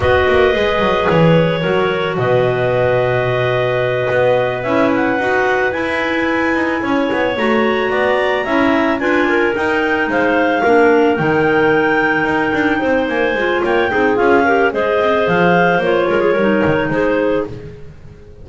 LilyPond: <<
  \new Staff \with { instrumentName = "clarinet" } { \time 4/4 \tempo 4 = 110 dis''2 cis''2 | dis''1~ | dis''8 e''8 fis''4. gis''4.~ | gis''4. ais''2~ ais''8~ |
ais''8 gis''4 g''4 f''4.~ | f''8 g''2.~ g''8 | gis''4 g''4 f''4 dis''4 | f''4 cis''2 c''4 | }
  \new Staff \with { instrumentName = "clarinet" } { \time 4/4 b'2. ais'4 | b'1~ | b'1~ | b'8 cis''2 d''4 e''8~ |
e''8 b'8 ais'4. c''4 ais'8~ | ais'2.~ ais'8 c''8~ | c''4 cis''8 gis'4 ais'8 c''4~ | c''4. ais'16 gis'16 ais'4 gis'4 | }
  \new Staff \with { instrumentName = "clarinet" } { \time 4/4 fis'4 gis'2 fis'4~ | fis'1~ | fis'8 e'4 fis'4 e'4.~ | e'4. fis'2 e'8~ |
e'8 f'4 dis'2 d'8~ | d'8 dis'2.~ dis'8~ | dis'8 f'4 dis'8 f'8 g'8 gis'4~ | gis'4 f'4 dis'2 | }
  \new Staff \with { instrumentName = "double bass" } { \time 4/4 b8 ais8 gis8 fis8 e4 fis4 | b,2.~ b,8 b8~ | b8 cis'4 dis'4 e'4. | dis'8 cis'8 b8 a4 b4 cis'8~ |
cis'8 d'4 dis'4 gis4 ais8~ | ais8 dis2 dis'8 d'8 c'8 | ais8 gis8 ais8 c'8 cis'4 gis8 c'8 | f4 ais8 gis8 g8 dis8 gis4 | }
>>